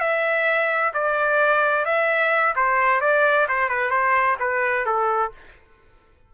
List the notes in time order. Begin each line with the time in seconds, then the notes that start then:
0.00 E5
0.94 D5
1.85 E5
2.56 C5
3.01 D5
3.48 C5
3.69 B4
3.90 C5
4.40 B4
4.85 A4